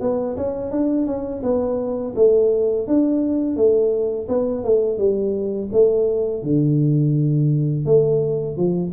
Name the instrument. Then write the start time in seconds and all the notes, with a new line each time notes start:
tuba
0.00 B3
0.36 C#4
0.71 D4
1.06 C#4
1.43 B3
2.15 A3
2.87 D4
3.56 A3
4.28 B3
4.63 A3
4.98 G3
5.72 A3
6.43 D3
7.85 A3
8.56 F3